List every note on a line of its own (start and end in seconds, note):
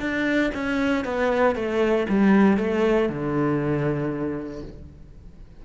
0.00 0.51 D4
0.55 1.05 C#4
1.05 1.56 B3
1.56 2.07 A3
2.09 2.58 G3
2.58 3.09 A3
3.09 4.63 D3